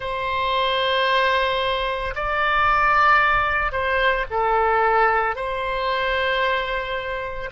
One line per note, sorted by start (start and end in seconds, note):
0.00 2.14 C5
2.15 3.72 D5
3.72 4.25 C5
4.30 5.35 A4
5.35 7.50 C5